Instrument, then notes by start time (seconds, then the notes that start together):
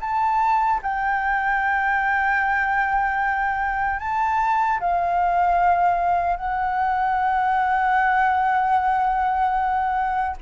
flute
0.00 A5
0.82 G5
3.99 A5
4.80 F5
6.36 F#5